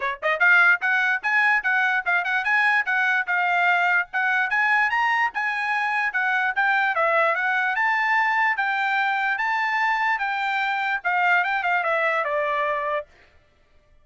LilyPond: \new Staff \with { instrumentName = "trumpet" } { \time 4/4 \tempo 4 = 147 cis''8 dis''8 f''4 fis''4 gis''4 | fis''4 f''8 fis''8 gis''4 fis''4 | f''2 fis''4 gis''4 | ais''4 gis''2 fis''4 |
g''4 e''4 fis''4 a''4~ | a''4 g''2 a''4~ | a''4 g''2 f''4 | g''8 f''8 e''4 d''2 | }